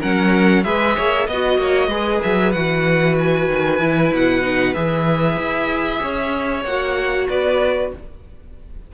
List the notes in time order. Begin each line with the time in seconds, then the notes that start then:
0.00 F#3 C#4 A#4 F#5
0.63 G#3 G#4 B4 E5
0.96 A#3 C#5
1.26 B3 D#5
1.33 F#4
1.57 A#3 C#5
1.87 G#3 G#4 B4
2.22 F#3 E5
2.52 E3 F#4 F#5
3.18 G#5
3.48 D#3
3.79 E3 E4
4.12 B2 F#5
4.42 D#4
4.74 E3 G#4 E5
5.37 E4
6.02 C#4 C#5
6.64 A#3 F#4 F#5
7.29 B3 B4 D5